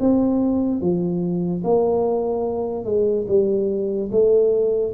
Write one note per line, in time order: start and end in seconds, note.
0.00 0.81 C4
0.81 1.63 F3
1.64 2.85 A#3
2.85 3.26 G#3
3.28 4.10 G3
4.11 4.94 A3